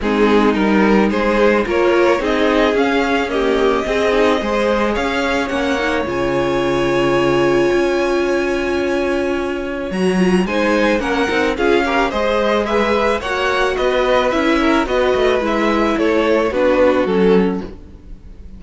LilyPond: <<
  \new Staff \with { instrumentName = "violin" } { \time 4/4 \tempo 4 = 109 gis'4 ais'4 c''4 cis''4 | dis''4 f''4 dis''2~ | dis''4 f''4 fis''4 gis''4~ | gis''1~ |
gis''2 ais''4 gis''4 | fis''4 f''4 dis''4 e''4 | fis''4 dis''4 e''4 dis''4 | e''4 cis''4 b'4 a'4 | }
  \new Staff \with { instrumentName = "violin" } { \time 4/4 dis'2 gis'4 ais'4 | gis'2 g'4 gis'4 | c''4 cis''2.~ | cis''1~ |
cis''2. c''4 | ais'4 gis'8 ais'8 c''4 b'4 | cis''4 b'4. ais'8 b'4~ | b'4 a'4 fis'2 | }
  \new Staff \with { instrumentName = "viola" } { \time 4/4 c'4 dis'2 f'4 | dis'4 cis'4 ais4 c'8 dis'8 | gis'2 cis'8 dis'8 f'4~ | f'1~ |
f'2 fis'8 f'8 dis'4 | cis'8 dis'8 f'8 g'8 gis'2 | fis'2 e'4 fis'4 | e'2 d'4 cis'4 | }
  \new Staff \with { instrumentName = "cello" } { \time 4/4 gis4 g4 gis4 ais4 | c'4 cis'2 c'4 | gis4 cis'4 ais4 cis4~ | cis2 cis'2~ |
cis'2 fis4 gis4 | ais8 c'8 cis'4 gis2 | ais4 b4 cis'4 b8 a8 | gis4 a4 b4 fis4 | }
>>